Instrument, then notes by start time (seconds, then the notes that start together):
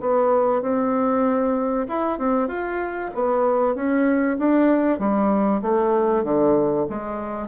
bassoon
0.00 B3
0.62 C4
1.88 E4
2.18 C4
2.48 F4
3.14 B3
3.75 C#4
4.38 D4
4.99 G3
5.62 A3
6.24 D3
6.89 G#3